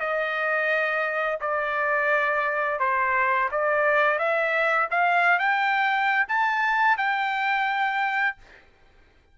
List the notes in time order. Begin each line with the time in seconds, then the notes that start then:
0.00 D#5
1.41 D5
2.80 C5
3.52 D5
4.19 E5
4.91 F5
5.39 G5
6.28 A5
6.98 G5